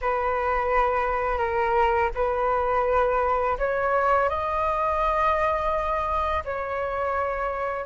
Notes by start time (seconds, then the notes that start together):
0.01 B4
1.38 A#4
2.14 B4
3.58 C#5
4.29 D#5
6.44 C#5